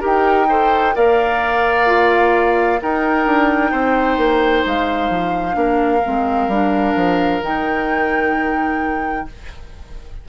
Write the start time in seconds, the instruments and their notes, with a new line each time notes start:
0.00 bassoon D#4, clarinet G4, oboe A#4, flute G5
0.49 clarinet A4, oboe C5
0.94 bassoon A#3, clarinet A#4, oboe D5, flute F5
1.86 clarinet F4
2.81 clarinet D#4, bassoon D#4, oboe A#4, flute G5
3.25 bassoon D4
3.71 bassoon C4, oboe C5
4.17 bassoon A#3
4.65 bassoon G#3, flute F5
5.10 bassoon F3
5.52 bassoon A#3, clarinet D4, oboe A#4
6.05 bassoon G#3, clarinet C4
6.48 bassoon G3, clarinet D4
6.95 bassoon F3
7.41 bassoon D#3, clarinet D#4, flute G5